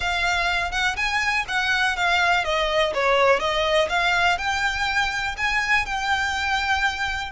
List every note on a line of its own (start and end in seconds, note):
0.00 0.71 F5
0.71 0.96 F#5
0.96 1.45 G#5
1.48 1.96 F#5
1.96 2.44 F5
2.44 2.93 D#5
2.94 3.39 C#5
3.39 3.88 D#5
3.89 4.38 F5
4.38 5.35 G5
5.37 5.85 G#5
5.85 7.31 G5